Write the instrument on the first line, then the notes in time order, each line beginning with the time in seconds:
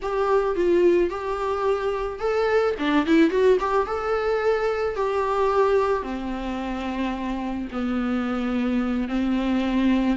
viola
0.02 G4
0.55 F4
1.09 G4
2.19 A4
2.78 D4
3.06 E4
3.30 F#4
3.60 G4
3.86 A4
4.95 G4
6.03 C4
7.71 B3
9.08 C4